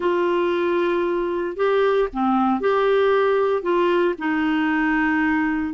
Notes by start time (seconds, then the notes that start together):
0.00 F4
1.56 G4
2.12 C4
2.60 G4
3.62 F4
4.18 D#4